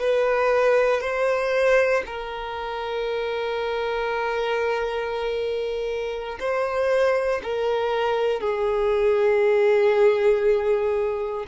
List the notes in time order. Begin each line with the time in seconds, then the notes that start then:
0.00 B4
1.01 C5
2.06 A#4
6.40 C5
7.43 A#4
8.40 G#4